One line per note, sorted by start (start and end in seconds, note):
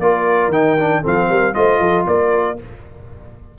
0.00 0.48 A#3
0.00 0.53 F4
0.00 1.02 A#4
0.00 0.52 D5
0.48 1.00 D#3
0.48 0.79 D#4
0.48 1.04 G5
0.79 1.03 D4
1.02 1.30 F3
1.02 1.54 C4
1.02 1.28 A4
1.02 1.54 F5
1.29 1.55 G3
1.29 1.55 A#4
1.54 1.80 A3
1.54 2.57 F4
1.54 1.81 C5
1.54 2.06 D#5
1.80 2.05 F3
1.80 2.06 A4
2.07 2.59 A#3
2.07 2.58 A#4
2.07 2.59 D5